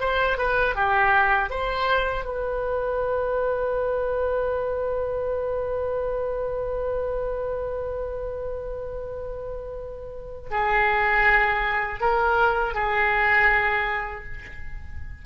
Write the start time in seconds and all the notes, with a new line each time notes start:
0.00 C5
0.38 B4
0.75 G4
1.50 C5
2.25 B4
10.50 G#4
12.00 A#4
12.74 G#4